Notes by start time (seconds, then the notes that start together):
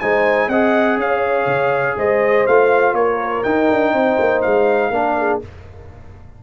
0.00 G#3 D#4 C5 G#5
0.48 C4 G#4 D#5 F#5
0.97 C#4 C#5 F5
1.47 C#3
1.97 G#3 C5 D#5
2.47 A3 F4 F5
2.94 A#3 A#4 C#5
3.44 D#4 G5
3.71 D4
3.93 C4 C5
4.20 A#3
4.42 G#3 F5
4.90 A#3 D4 A#4
5.19 G#4